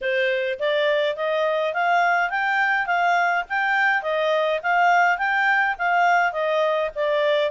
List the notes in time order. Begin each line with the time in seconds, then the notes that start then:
0.01 C5
0.59 D5
1.16 D#5
1.73 F5
2.29 G5
2.86 F5
3.49 G5
4.02 D#5
4.63 F5
5.18 G5
5.78 F5
6.32 D#5
6.95 D5